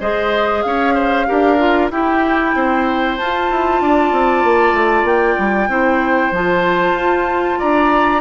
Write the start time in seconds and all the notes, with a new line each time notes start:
0.00 G#3 G#4 C5 D#5
0.62 C#4 C#5 F5
0.94 C5
1.26 D4 G4 A#4
1.59 F4
1.91 E4 G4 G5
2.55 C4 C5
3.18 F4 A5
3.50 E4
3.81 D4 D5
4.12 C4
4.43 A#3
4.73 A3
5.03 A#3 G5
5.38 G3
5.68 C4 E4 C5
6.31 F3 F4 A5
6.93 F4
7.59 D4 D5 A#5